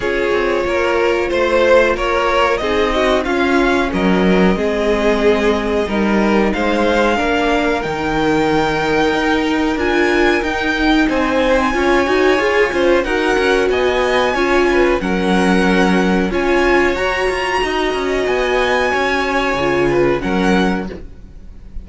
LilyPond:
<<
  \new Staff \with { instrumentName = "violin" } { \time 4/4 \tempo 4 = 92 cis''2 c''4 cis''4 | dis''4 f''4 dis''2~ | dis''2 f''2 | g''2. gis''4 |
g''4 gis''2. | fis''4 gis''2 fis''4~ | fis''4 gis''4 ais''2 | gis''2. fis''4 | }
  \new Staff \with { instrumentName = "violin" } { \time 4/4 gis'4 ais'4 c''4 ais'4 | gis'8 fis'8 f'4 ais'4 gis'4~ | gis'4 ais'4 c''4 ais'4~ | ais'1~ |
ais'4 c''4 cis''4. c''8 | ais'4 dis''4 cis''8 b'8 ais'4~ | ais'4 cis''2 dis''4~ | dis''4 cis''4. b'8 ais'4 | }
  \new Staff \with { instrumentName = "viola" } { \time 4/4 f'1 | dis'4 cis'2 c'4~ | c'4 dis'2 d'4 | dis'2. f'4 |
dis'2 f'8 fis'8 gis'8 f'8 | fis'2 f'4 cis'4~ | cis'4 f'4 fis'2~ | fis'2 f'4 cis'4 | }
  \new Staff \with { instrumentName = "cello" } { \time 4/4 cis'8 c'8 ais4 a4 ais4 | c'4 cis'4 fis4 gis4~ | gis4 g4 gis4 ais4 | dis2 dis'4 d'4 |
dis'4 c'4 cis'8 dis'8 f'8 cis'8 | dis'8 cis'8 b4 cis'4 fis4~ | fis4 cis'4 fis'8 f'8 dis'8 cis'8 | b4 cis'4 cis4 fis4 | }
>>